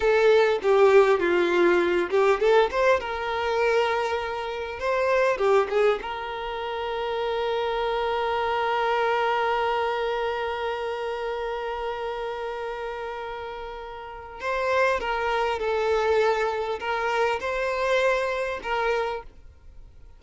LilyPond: \new Staff \with { instrumentName = "violin" } { \time 4/4 \tempo 4 = 100 a'4 g'4 f'4. g'8 | a'8 c''8 ais'2. | c''4 g'8 gis'8 ais'2~ | ais'1~ |
ais'1~ | ais'1 | c''4 ais'4 a'2 | ais'4 c''2 ais'4 | }